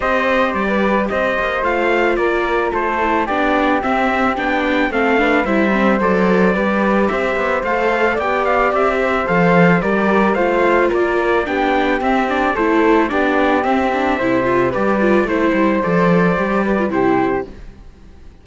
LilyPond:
<<
  \new Staff \with { instrumentName = "trumpet" } { \time 4/4 \tempo 4 = 110 dis''4 d''4 dis''4 f''4 | d''4 c''4 d''4 e''4 | g''4 f''4 e''4 d''4~ | d''4 e''4 f''4 g''8 f''8 |
e''4 f''4 d''4 f''4 | d''4 g''4 e''8 d''8 c''4 | d''4 e''2 d''4 | c''4 d''2 c''4 | }
  \new Staff \with { instrumentName = "flute" } { \time 4/4 c''4~ c''16 b'8. c''2 | ais'4 a'4 g'2~ | g'4 a'8 b'8 c''2 | b'4 c''2 d''4~ |
d''8 c''4. ais'4 c''4 | ais'4 g'2 a'4 | g'2 c''4 b'4 | c''2~ c''8 b'8 g'4 | }
  \new Staff \with { instrumentName = "viola" } { \time 4/4 g'2. f'4~ | f'4. e'8 d'4 c'4 | d'4 c'8 d'8 e'8 c'8 a'4 | g'2 a'4 g'4~ |
g'4 a'4 g'4 f'4~ | f'4 d'4 c'8 d'8 e'4 | d'4 c'8 d'8 e'8 f'8 g'8 f'8 | e'4 a'4 g'8. f'16 e'4 | }
  \new Staff \with { instrumentName = "cello" } { \time 4/4 c'4 g4 c'8 ais8 a4 | ais4 a4 b4 c'4 | b4 a4 g4 fis4 | g4 c'8 b8 a4 b4 |
c'4 f4 g4 a4 | ais4 b4 c'4 a4 | b4 c'4 c4 g4 | a8 g8 f4 g4 c4 | }
>>